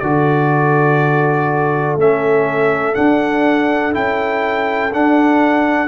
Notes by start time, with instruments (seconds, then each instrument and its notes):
0.00 tuba D3, trombone F#4, horn A4, trumpet D5
1.97 tuba A3, trombone C#4, trumpet E5
2.95 trombone D4, tuba D4, trumpet F#5
3.93 tuba C#4, trombone E4, trumpet G5
4.94 trombone D4, tuba D4, trumpet F#5